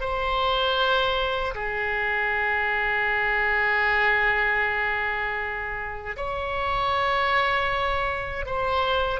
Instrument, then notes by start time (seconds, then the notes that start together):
oboe
0.00 C5
1.54 G#4
6.16 C#5
8.45 C5